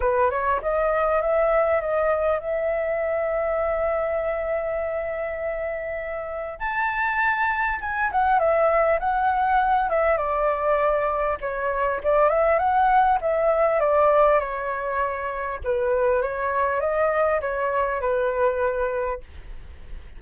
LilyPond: \new Staff \with { instrumentName = "flute" } { \time 4/4 \tempo 4 = 100 b'8 cis''8 dis''4 e''4 dis''4 | e''1~ | e''2. a''4~ | a''4 gis''8 fis''8 e''4 fis''4~ |
fis''8 e''8 d''2 cis''4 | d''8 e''8 fis''4 e''4 d''4 | cis''2 b'4 cis''4 | dis''4 cis''4 b'2 | }